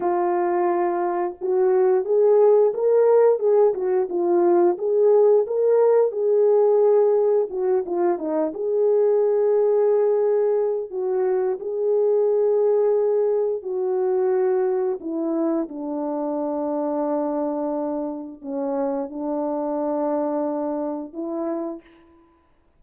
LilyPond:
\new Staff \with { instrumentName = "horn" } { \time 4/4 \tempo 4 = 88 f'2 fis'4 gis'4 | ais'4 gis'8 fis'8 f'4 gis'4 | ais'4 gis'2 fis'8 f'8 | dis'8 gis'2.~ gis'8 |
fis'4 gis'2. | fis'2 e'4 d'4~ | d'2. cis'4 | d'2. e'4 | }